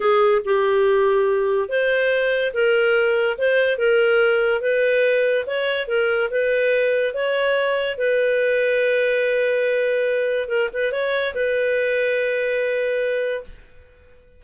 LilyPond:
\new Staff \with { instrumentName = "clarinet" } { \time 4/4 \tempo 4 = 143 gis'4 g'2. | c''2 ais'2 | c''4 ais'2 b'4~ | b'4 cis''4 ais'4 b'4~ |
b'4 cis''2 b'4~ | b'1~ | b'4 ais'8 b'8 cis''4 b'4~ | b'1 | }